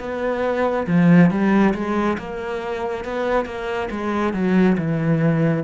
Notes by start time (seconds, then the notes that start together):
0.00 B3
0.87 F3
1.31 G3
1.74 G#3
2.19 A#3
3.05 B3
3.46 A#3
3.91 G#3
4.34 F#3
4.78 E3